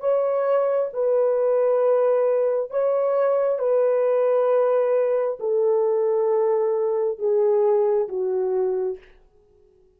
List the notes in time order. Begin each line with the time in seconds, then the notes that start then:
0.00 C#5
0.93 B4
2.70 C#5
3.59 B4
5.39 A4
7.18 G#4
8.08 F#4